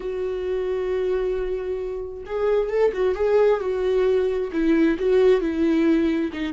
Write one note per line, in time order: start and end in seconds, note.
0.00 2.24 F#4
2.26 2.69 G#4
2.69 2.92 A4
2.93 3.15 F#4
3.15 3.60 G#4
3.60 4.50 F#4
4.52 4.97 E4
4.98 5.40 F#4
5.40 6.31 E4
6.32 6.53 D#4